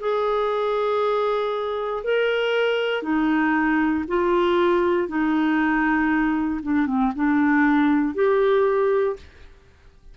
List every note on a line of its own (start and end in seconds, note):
0.00 2.03 G#4
2.03 3.02 A#4
3.02 4.04 D#4
4.07 5.08 F4
5.08 6.61 D#4
6.62 6.86 D4
6.86 7.12 C4
7.15 8.14 D4
8.14 9.16 G4